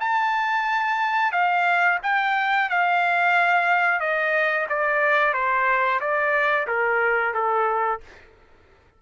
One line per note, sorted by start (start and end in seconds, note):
0.00 1.32 A5
1.32 1.99 F5
2.03 2.70 G5
2.70 4.00 F5
4.00 4.67 D#5
4.70 5.34 D5
5.34 6.00 C5
6.01 6.67 D5
6.68 7.34 A#4
7.34 8.01 A4